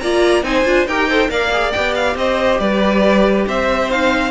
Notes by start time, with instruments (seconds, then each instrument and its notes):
0.00 cello A#3, viola F4, violin D5 A#5
0.43 cello C4, viola D#4, violin C5 G#5
0.65 cello D4, viola F4
0.87 cello D#4, viola G4, violin A#4 G5
1.08 viola A4, violin C5
1.28 cello A#3, viola A#4, violin D5 F5
1.52 viola G#4
1.72 cello B3, viola G4, violin G5
1.95 violin F5
2.16 cello C4, violin C5 D#5
2.59 cello G3, violin B4 D5
3.46 cello C4, violin C5 E5
3.90 viola D#4, violin F5